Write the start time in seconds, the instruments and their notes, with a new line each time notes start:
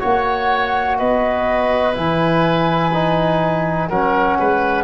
0.00 tuba A#3, trombone F#4, oboe C#5, flute F#5
0.98 tuba B3, oboe B4, flute D#5
1.94 tuba E3, trombone E4, flute G#5
2.94 trombone D#4
3.89 tuba F#3, trombone C#4, oboe A#4, flute F#5
4.39 tuba G#3, oboe B4